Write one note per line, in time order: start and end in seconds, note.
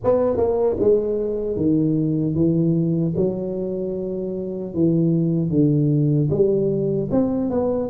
0.04 0.37 B3
0.37 0.76 A#3
0.79 1.56 G#3
1.56 2.35 D#3
2.35 3.14 E3
3.16 4.74 F#3
4.74 5.50 E3
5.50 6.29 D3
6.30 7.09 G3
7.11 7.50 C4
7.50 7.89 B3